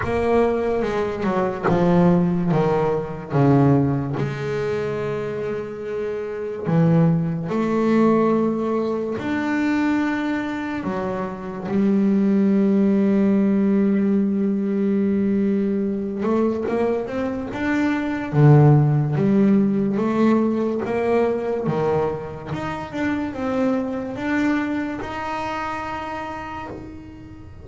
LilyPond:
\new Staff \with { instrumentName = "double bass" } { \time 4/4 \tempo 4 = 72 ais4 gis8 fis8 f4 dis4 | cis4 gis2. | e4 a2 d'4~ | d'4 fis4 g2~ |
g2.~ g8 a8 | ais8 c'8 d'4 d4 g4 | a4 ais4 dis4 dis'8 d'8 | c'4 d'4 dis'2 | }